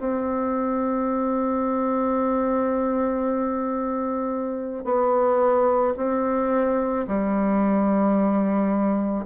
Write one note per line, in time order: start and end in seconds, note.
0.00 4.85 C4
4.85 5.94 B3
5.97 7.06 C4
7.08 9.26 G3